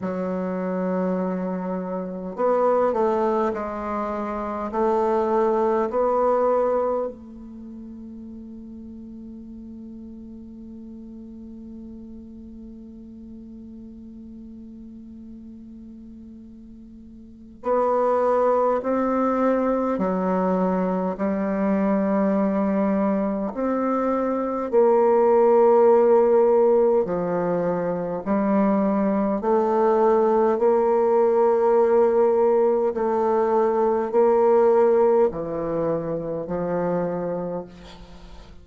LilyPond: \new Staff \with { instrumentName = "bassoon" } { \time 4/4 \tempo 4 = 51 fis2 b8 a8 gis4 | a4 b4 a2~ | a1~ | a2. b4 |
c'4 fis4 g2 | c'4 ais2 f4 | g4 a4 ais2 | a4 ais4 e4 f4 | }